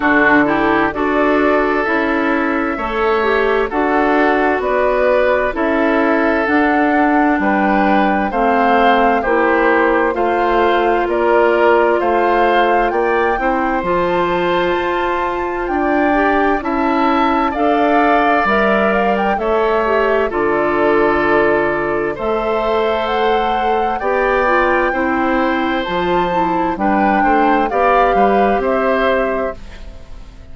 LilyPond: <<
  \new Staff \with { instrumentName = "flute" } { \time 4/4 \tempo 4 = 65 a'4 d''4 e''2 | fis''4 d''4 e''4 fis''4 | g''4 f''4 c''4 f''4 | d''4 f''4 g''4 a''4~ |
a''4 g''4 a''4 f''4 | e''8 f''16 g''16 e''4 d''2 | e''4 fis''4 g''2 | a''4 g''4 f''4 e''4 | }
  \new Staff \with { instrumentName = "oboe" } { \time 4/4 fis'8 g'8 a'2 cis''4 | a'4 b'4 a'2 | b'4 c''4 g'4 c''4 | ais'4 c''4 d''8 c''4.~ |
c''4 d''4 e''4 d''4~ | d''4 cis''4 a'2 | c''2 d''4 c''4~ | c''4 b'8 c''8 d''8 b'8 c''4 | }
  \new Staff \with { instrumentName = "clarinet" } { \time 4/4 d'8 e'8 fis'4 e'4 a'8 g'8 | fis'2 e'4 d'4~ | d'4 c'4 e'4 f'4~ | f'2~ f'8 e'8 f'4~ |
f'4. g'8 e'4 a'4 | ais'4 a'8 g'8 f'2 | a'2 g'8 f'8 e'4 | f'8 e'8 d'4 g'2 | }
  \new Staff \with { instrumentName = "bassoon" } { \time 4/4 d4 d'4 cis'4 a4 | d'4 b4 cis'4 d'4 | g4 a4 ais4 a4 | ais4 a4 ais8 c'8 f4 |
f'4 d'4 cis'4 d'4 | g4 a4 d2 | a2 b4 c'4 | f4 g8 a8 b8 g8 c'4 | }
>>